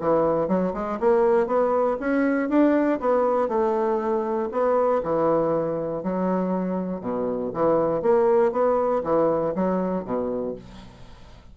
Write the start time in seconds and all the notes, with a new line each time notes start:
0.00 E3
0.48 F#3
0.74 G#3
1.00 A#3
1.47 B3
2.00 C#4
2.49 D4
3.00 B3
3.48 A3
4.51 B3
5.03 E3
6.03 F#3
7.01 B2
7.54 E3
8.02 A#3
8.52 B3
9.03 E3
9.55 F#3
10.05 B2